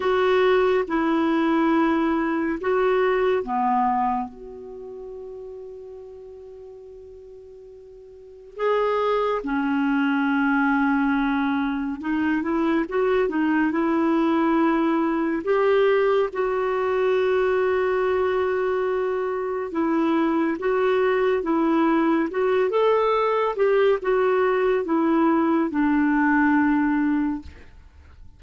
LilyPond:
\new Staff \with { instrumentName = "clarinet" } { \time 4/4 \tempo 4 = 70 fis'4 e'2 fis'4 | b4 fis'2.~ | fis'2 gis'4 cis'4~ | cis'2 dis'8 e'8 fis'8 dis'8 |
e'2 g'4 fis'4~ | fis'2. e'4 | fis'4 e'4 fis'8 a'4 g'8 | fis'4 e'4 d'2 | }